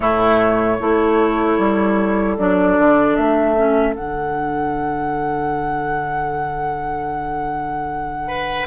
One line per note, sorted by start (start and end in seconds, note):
0.00 0.79 A2
0.00 0.79 A3
0.00 0.80 E4
0.00 2.36 C#5
0.79 1.58 A3
0.79 2.37 E4
0.79 8.27 A4
1.58 2.37 G3
2.37 2.77 F#3
2.37 3.56 D4
2.37 3.15 D5
2.78 3.17 D3
3.15 3.95 A3
3.15 3.94 E5
3.56 3.94 C#4
3.94 8.66 D3
3.94 8.66 D4
3.94 8.66 F#5
8.27 8.66 B4